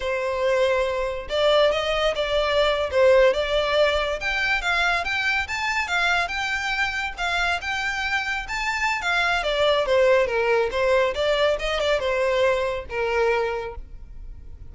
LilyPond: \new Staff \with { instrumentName = "violin" } { \time 4/4 \tempo 4 = 140 c''2. d''4 | dis''4 d''4.~ d''16 c''4 d''16~ | d''4.~ d''16 g''4 f''4 g''16~ | g''8. a''4 f''4 g''4~ g''16~ |
g''8. f''4 g''2 a''16~ | a''4 f''4 d''4 c''4 | ais'4 c''4 d''4 dis''8 d''8 | c''2 ais'2 | }